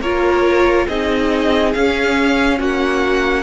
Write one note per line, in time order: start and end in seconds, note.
0.00 0.86 A#3
0.00 0.89 F4
0.00 0.86 A#4
0.00 0.87 C#5
0.87 1.74 C4
0.87 1.75 D#4
0.87 2.58 G#4
0.87 1.72 D#5
1.72 2.59 C#4
1.72 3.42 C#4
1.72 2.58 F5
2.58 3.42 A#3
2.58 3.42 F#4
2.58 3.42 F#5